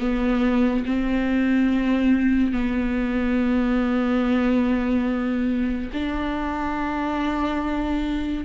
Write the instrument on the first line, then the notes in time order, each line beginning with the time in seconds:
viola
0.00 B3
0.86 C4
2.52 B3
5.93 D4